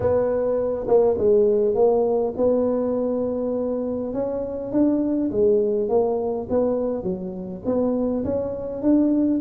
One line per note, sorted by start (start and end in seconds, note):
0.00 0.86 B3
0.87 1.17 A#3
1.18 1.74 G#3
1.74 2.33 A#3
2.36 4.13 B3
4.13 4.72 C#4
4.72 5.30 D4
5.31 5.89 G#3
5.89 6.47 A#3
6.49 7.03 B3
7.03 7.62 F#3
7.65 8.24 B3
8.24 8.82 C#4
8.82 9.40 D4